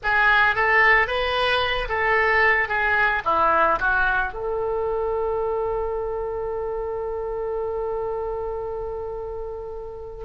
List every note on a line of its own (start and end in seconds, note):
0.03 0.55 G#4
0.55 1.07 A4
1.07 1.88 B4
1.88 2.68 A4
2.68 3.22 G#4
3.25 3.79 E4
3.79 4.33 F#4
4.33 10.24 A4